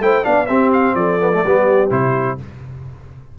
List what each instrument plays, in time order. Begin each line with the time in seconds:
0.00 tuba A3, trombone E4, horn C5, trumpet G5
0.23 tuba B3, trombone D4, horn D5, trumpet F5
0.46 trombone C4, tuba C4, horn G4, trumpet E5
0.73 trumpet F5
0.95 tuba F3, horn A4, trumpet D5
1.20 trombone B3
1.33 trombone A3
1.43 tuba G3, trombone B3, horn G4
1.90 tuba C3, trombone E4, trumpet C5